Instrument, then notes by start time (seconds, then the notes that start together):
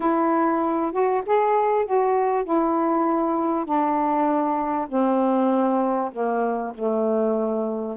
saxophone
0.00 E4
0.92 F#4
1.26 G#4
1.85 F#4
2.44 E4
3.65 D4
4.88 C4
6.12 A#3
6.74 A3